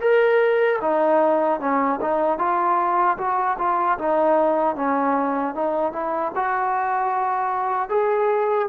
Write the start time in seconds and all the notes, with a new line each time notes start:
0.00 A#4
0.81 D#4
1.60 C#4
2.01 D#4
2.38 F4
3.17 F#4
3.58 F4
3.98 D#4
4.75 C#4
5.54 D#4
5.92 E4
6.35 F#4
7.89 G#4